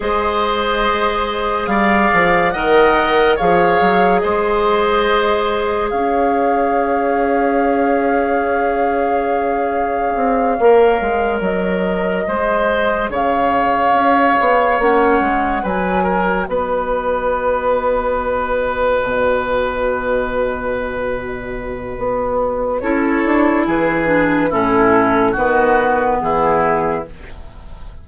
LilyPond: <<
  \new Staff \with { instrumentName = "flute" } { \time 4/4 \tempo 4 = 71 dis''2 f''4 fis''4 | f''4 dis''2 f''4~ | f''1~ | f''4. dis''2 f''8~ |
f''4. fis''4 gis''4 dis''8~ | dis''1~ | dis''2. cis''4 | b'4 a'4 b'4 gis'4 | }
  \new Staff \with { instrumentName = "oboe" } { \time 4/4 c''2 d''4 dis''4 | cis''4 c''2 cis''4~ | cis''1~ | cis''2~ cis''8 c''4 cis''8~ |
cis''2~ cis''8 b'8 ais'8 b'8~ | b'1~ | b'2. a'4 | gis'4 e'4 fis'4 e'4 | }
  \new Staff \with { instrumentName = "clarinet" } { \time 4/4 gis'2. ais'4 | gis'1~ | gis'1~ | gis'8 ais'2 gis'4.~ |
gis'4. cis'4 fis'4.~ | fis'1~ | fis'2. e'4~ | e'8 d'8 cis'4 b2 | }
  \new Staff \with { instrumentName = "bassoon" } { \time 4/4 gis2 g8 f8 dis4 | f8 fis8 gis2 cis'4~ | cis'1 | c'8 ais8 gis8 fis4 gis4 cis8~ |
cis8 cis'8 b8 ais8 gis8 fis4 b8~ | b2~ b8 b,4.~ | b,2 b4 cis'8 d'8 | e4 a,4 dis4 e4 | }
>>